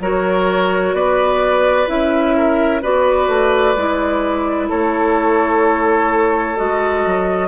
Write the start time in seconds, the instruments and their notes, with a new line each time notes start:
0.00 bassoon F#3, clarinet F#4, oboe A#4, flute C#5
0.93 bassoon B3, oboe B4, flute D5
1.87 bassoon C#4, clarinet E4, flute E5
2.37 oboe A#4
2.81 bassoon B3, clarinet F#4, oboe B4, flute D5
3.28 bassoon A3
3.76 bassoon G#3, clarinet E4
4.69 bassoon A3, oboe A4, flute C#5
6.56 bassoon G#3, clarinet F#4, flute D#5
7.06 bassoon F#3